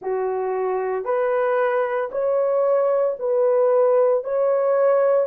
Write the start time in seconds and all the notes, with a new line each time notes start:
0.01 F#4
1.04 B4
2.11 C#5
3.19 B4
4.23 C#5